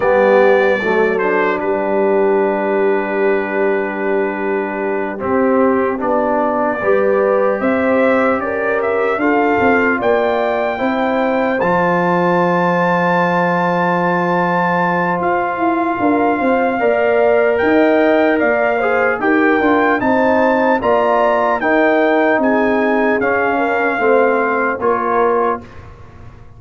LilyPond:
<<
  \new Staff \with { instrumentName = "trumpet" } { \time 4/4 \tempo 4 = 75 d''4. c''8 b'2~ | b'2~ b'8 g'4 d''8~ | d''4. e''4 d''8 e''8 f''8~ | f''8 g''2 a''4.~ |
a''2. f''4~ | f''2 g''4 f''4 | g''4 a''4 ais''4 g''4 | gis''4 f''2 cis''4 | }
  \new Staff \with { instrumentName = "horn" } { \time 4/4 g'4 a'4 g'2~ | g'1~ | g'8 b'4 c''4 ais'4 a'8~ | a'8 d''4 c''2~ c''8~ |
c''1 | ais'8 c''8 d''4 dis''4 d''8 c''8 | ais'4 c''4 d''4 ais'4 | gis'4. ais'8 c''4 ais'4 | }
  \new Staff \with { instrumentName = "trombone" } { \time 4/4 b4 a8 d'2~ d'8~ | d'2~ d'8 c'4 d'8~ | d'8 g'2. f'8~ | f'4. e'4 f'4.~ |
f'1~ | f'4 ais'2~ ais'8 gis'8 | g'8 f'8 dis'4 f'4 dis'4~ | dis'4 cis'4 c'4 f'4 | }
  \new Staff \with { instrumentName = "tuba" } { \time 4/4 g4 fis4 g2~ | g2~ g8 c'4 b8~ | b8 g4 c'4 cis'4 d'8 | c'8 ais4 c'4 f4.~ |
f2. f'8 e'8 | d'8 c'8 ais4 dis'4 ais4 | dis'8 d'8 c'4 ais4 dis'4 | c'4 cis'4 a4 ais4 | }
>>